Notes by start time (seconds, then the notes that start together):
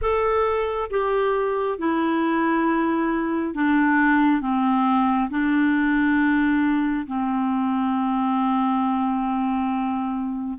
0.01 A4
0.90 G4
1.78 E4
3.54 D4
4.41 C4
5.29 D4
7.06 C4